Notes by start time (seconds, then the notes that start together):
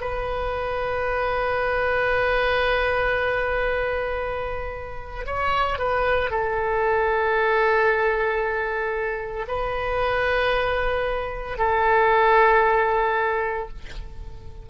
0.00 B4
5.26 C#5
5.78 B4
6.30 A4
9.47 B4
11.57 A4